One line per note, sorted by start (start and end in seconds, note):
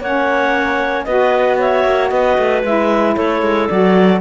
0.00 1.06 A#3
0.00 1.07 C#4
0.00 1.05 C#5
0.00 1.04 F#5
1.04 1.84 B3
1.04 2.64 F#4
1.04 1.58 B4
1.04 1.56 D#5
1.58 2.11 C#5
1.58 2.09 E5
1.84 2.10 A#3
2.09 2.37 B3
2.09 3.15 B4
2.09 2.61 D#5
2.37 2.63 A3
2.63 3.16 G#3
2.63 3.69 E4
2.63 3.16 E5
3.15 3.41 A3
3.15 4.20 A4
3.15 3.68 C#5
3.41 3.68 G#3
3.68 4.20 F#3
3.68 4.20 F#4
3.68 4.20 D5